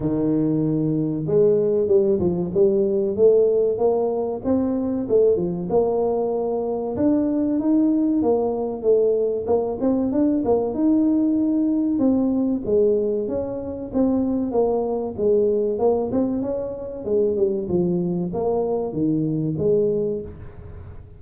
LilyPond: \new Staff \with { instrumentName = "tuba" } { \time 4/4 \tempo 4 = 95 dis2 gis4 g8 f8 | g4 a4 ais4 c'4 | a8 f8 ais2 d'4 | dis'4 ais4 a4 ais8 c'8 |
d'8 ais8 dis'2 c'4 | gis4 cis'4 c'4 ais4 | gis4 ais8 c'8 cis'4 gis8 g8 | f4 ais4 dis4 gis4 | }